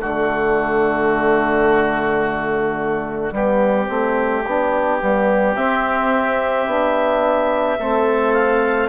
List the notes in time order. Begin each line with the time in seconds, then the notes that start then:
0.00 D3 A3 F#4 D5
3.31 G3 B3 G4
3.87 A3 C4
4.45 B3 D4
5.00 G3 B3
5.55 C4 E5
6.66 B3 D4
7.78 A3 C4 A4
8.33 F5